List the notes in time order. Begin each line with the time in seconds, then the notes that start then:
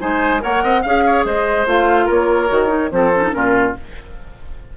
0.00 G#3 D#4 C5 G#5
0.39 A#3 A#4 C#5 F#5
0.63 C4 D#5
0.82 C#4 G#4 F5
1.06 C#5
1.24 G#3 C5 D#5
1.66 A3 F4 F5
2.05 A#3 A#4 C#5
2.48 D#3 F#4
2.68 D#4
2.91 F3 C4 A4 C5
3.15 C#4
3.23 D#4
3.31 A#2 C#4 F4 A#4